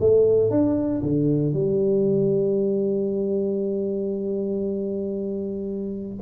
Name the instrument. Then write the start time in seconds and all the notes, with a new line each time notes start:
tuba
0.00 A3
0.50 D4
1.02 D3
1.53 G3